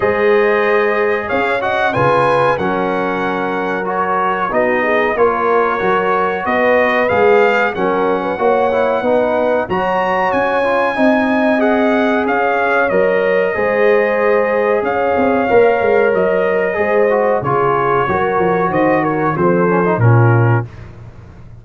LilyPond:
<<
  \new Staff \with { instrumentName = "trumpet" } { \time 4/4 \tempo 4 = 93 dis''2 f''8 fis''8 gis''4 | fis''2 cis''4 dis''4 | cis''2 dis''4 f''4 | fis''2. ais''4 |
gis''2 fis''4 f''4 | dis''2. f''4~ | f''4 dis''2 cis''4~ | cis''4 dis''8 cis''8 c''4 ais'4 | }
  \new Staff \with { instrumentName = "horn" } { \time 4/4 c''2 cis''8 dis''8 b'4 | ais'2. fis'8 gis'8 | ais'2 b'2 | ais'8. b'16 cis''4 b'4 cis''4~ |
cis''4 dis''2 cis''4~ | cis''4 c''2 cis''4~ | cis''2 c''4 gis'4 | ais'4 c''8 ais'8 a'4 f'4 | }
  \new Staff \with { instrumentName = "trombone" } { \time 4/4 gis'2~ gis'8 fis'8 f'4 | cis'2 fis'4 dis'4 | f'4 fis'2 gis'4 | cis'4 fis'8 e'8 dis'4 fis'4~ |
fis'8 f'8 dis'4 gis'2 | ais'4 gis'2. | ais'2 gis'8 fis'8 f'4 | fis'2 c'8 cis'16 dis'16 cis'4 | }
  \new Staff \with { instrumentName = "tuba" } { \time 4/4 gis2 cis'4 cis4 | fis2. b4 | ais4 fis4 b4 gis4 | fis4 ais4 b4 fis4 |
cis'4 c'2 cis'4 | fis4 gis2 cis'8 c'8 | ais8 gis8 fis4 gis4 cis4 | fis8 f8 dis4 f4 ais,4 | }
>>